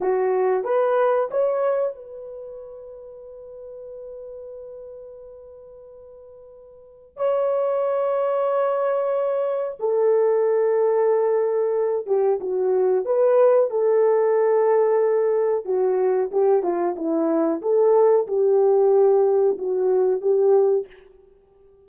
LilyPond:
\new Staff \with { instrumentName = "horn" } { \time 4/4 \tempo 4 = 92 fis'4 b'4 cis''4 b'4~ | b'1~ | b'2. cis''4~ | cis''2. a'4~ |
a'2~ a'8 g'8 fis'4 | b'4 a'2. | fis'4 g'8 f'8 e'4 a'4 | g'2 fis'4 g'4 | }